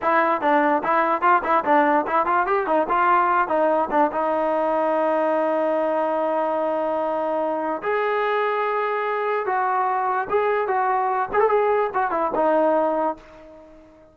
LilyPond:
\new Staff \with { instrumentName = "trombone" } { \time 4/4 \tempo 4 = 146 e'4 d'4 e'4 f'8 e'8 | d'4 e'8 f'8 g'8 dis'8 f'4~ | f'8 dis'4 d'8 dis'2~ | dis'1~ |
dis'2. gis'4~ | gis'2. fis'4~ | fis'4 gis'4 fis'4. gis'16 a'16 | gis'4 fis'8 e'8 dis'2 | }